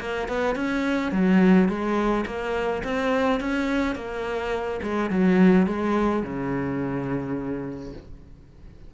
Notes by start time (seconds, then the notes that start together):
0.00 A#3
0.28 B3
0.55 C#4
1.12 F#3
1.69 G#3
2.26 A#3
2.84 C4
3.40 C#4
3.95 A#3
4.83 G#3
5.10 F#3
5.67 G#3
6.23 C#3